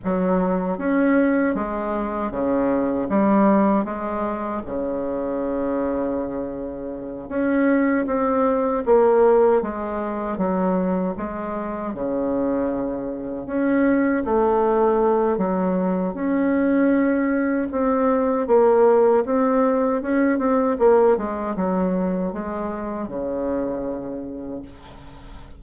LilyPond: \new Staff \with { instrumentName = "bassoon" } { \time 4/4 \tempo 4 = 78 fis4 cis'4 gis4 cis4 | g4 gis4 cis2~ | cis4. cis'4 c'4 ais8~ | ais8 gis4 fis4 gis4 cis8~ |
cis4. cis'4 a4. | fis4 cis'2 c'4 | ais4 c'4 cis'8 c'8 ais8 gis8 | fis4 gis4 cis2 | }